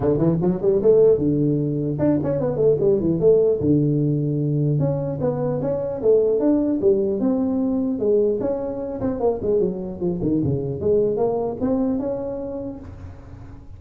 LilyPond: \new Staff \with { instrumentName = "tuba" } { \time 4/4 \tempo 4 = 150 d8 e8 fis8 g8 a4 d4~ | d4 d'8 cis'8 b8 a8 g8 e8 | a4 d2. | cis'4 b4 cis'4 a4 |
d'4 g4 c'2 | gis4 cis'4. c'8 ais8 gis8 | fis4 f8 dis8 cis4 gis4 | ais4 c'4 cis'2 | }